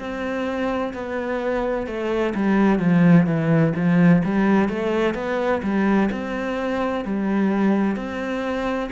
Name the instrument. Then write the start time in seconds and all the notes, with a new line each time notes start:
cello
0.00 C4
0.94 B3
1.87 A3
2.35 G3
2.80 F3
3.27 E3
3.76 F3
4.25 G3
4.69 A3
5.15 B3
5.63 G3
6.12 C4
7.05 G3
7.97 C4